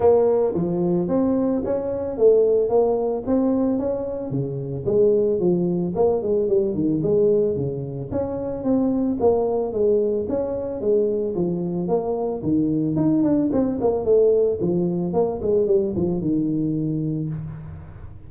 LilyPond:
\new Staff \with { instrumentName = "tuba" } { \time 4/4 \tempo 4 = 111 ais4 f4 c'4 cis'4 | a4 ais4 c'4 cis'4 | cis4 gis4 f4 ais8 gis8 | g8 dis8 gis4 cis4 cis'4 |
c'4 ais4 gis4 cis'4 | gis4 f4 ais4 dis4 | dis'8 d'8 c'8 ais8 a4 f4 | ais8 gis8 g8 f8 dis2 | }